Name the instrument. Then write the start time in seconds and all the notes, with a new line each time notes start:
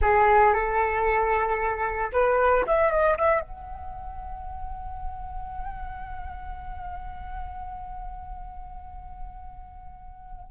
flute
0.01 G#4
0.53 A4
2.12 B4
2.66 E5
2.91 D#5
3.17 E5
3.40 F#5